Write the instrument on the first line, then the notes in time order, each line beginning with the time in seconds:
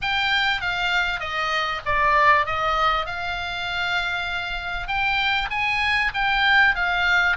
oboe
0.01 G5
0.61 F5
1.19 D#5
1.85 D5
2.45 D#5
3.06 F5
4.87 G5
5.50 G#5
6.14 G5
6.75 F5